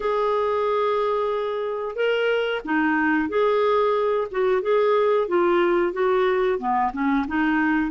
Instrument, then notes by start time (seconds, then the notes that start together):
clarinet
0.00 G#4
1.95 A#4
2.65 D#4
3.28 G#4
4.31 F#4
4.62 G#4
5.28 F4
5.93 F#4
6.58 B3
6.93 C#4
7.27 D#4